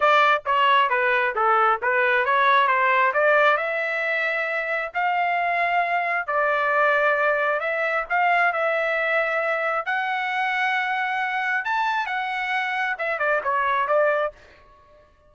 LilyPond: \new Staff \with { instrumentName = "trumpet" } { \time 4/4 \tempo 4 = 134 d''4 cis''4 b'4 a'4 | b'4 cis''4 c''4 d''4 | e''2. f''4~ | f''2 d''2~ |
d''4 e''4 f''4 e''4~ | e''2 fis''2~ | fis''2 a''4 fis''4~ | fis''4 e''8 d''8 cis''4 d''4 | }